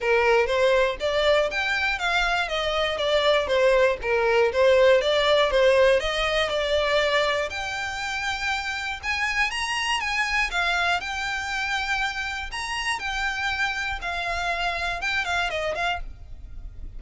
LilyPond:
\new Staff \with { instrumentName = "violin" } { \time 4/4 \tempo 4 = 120 ais'4 c''4 d''4 g''4 | f''4 dis''4 d''4 c''4 | ais'4 c''4 d''4 c''4 | dis''4 d''2 g''4~ |
g''2 gis''4 ais''4 | gis''4 f''4 g''2~ | g''4 ais''4 g''2 | f''2 g''8 f''8 dis''8 f''8 | }